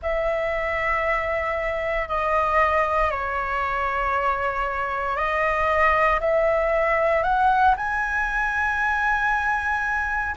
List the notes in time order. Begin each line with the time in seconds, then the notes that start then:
0.02 E5
2.08 D#5
3.10 C#5
5.16 D#5
6.20 E5
7.23 F#5
7.76 G#5